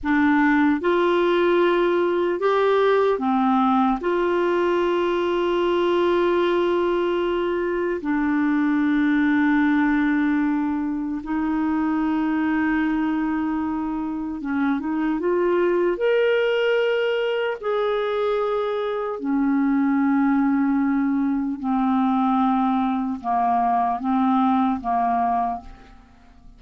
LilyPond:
\new Staff \with { instrumentName = "clarinet" } { \time 4/4 \tempo 4 = 75 d'4 f'2 g'4 | c'4 f'2.~ | f'2 d'2~ | d'2 dis'2~ |
dis'2 cis'8 dis'8 f'4 | ais'2 gis'2 | cis'2. c'4~ | c'4 ais4 c'4 ais4 | }